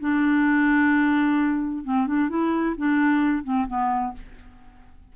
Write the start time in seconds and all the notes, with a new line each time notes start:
0.00 D4
1.84 C4
2.07 D4
2.29 E4
2.77 D4
3.44 C4
3.68 B3